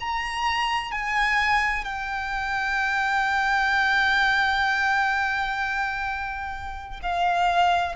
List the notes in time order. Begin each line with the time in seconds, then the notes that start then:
0.00 A#5
0.92 G#5
1.85 G5
7.02 F5